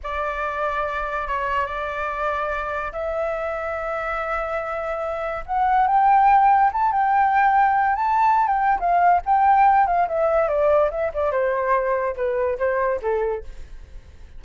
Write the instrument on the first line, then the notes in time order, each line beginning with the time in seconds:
flute
0.03 D5
1.27 C#5
1.66 D5
2.92 E5
5.45 F#5
5.87 G5
6.72 A5
6.91 G5
7.95 A5
8.47 G5
8.79 F5
9.25 G5
9.86 F5
10.08 E5
10.48 D5
10.91 E5
11.13 D5
11.31 C5
12.16 B4
12.58 C5
13.02 A4